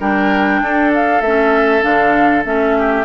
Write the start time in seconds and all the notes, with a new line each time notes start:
0.00 G3 D4 A#4 G5
0.61 D4 A4
0.95 F5
1.22 A3 C#4 E5
1.82 D3 D4 F5
2.45 A3 C#4 E5
2.78 G4